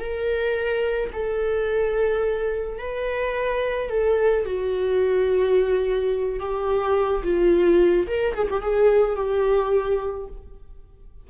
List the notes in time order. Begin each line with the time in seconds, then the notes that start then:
0.00 A#4
1.13 A4
2.79 B4
3.90 A4
4.45 F#4
6.40 G4
7.24 F4
8.08 A#4
8.34 G#4
8.51 G4
8.62 G#4
9.16 G4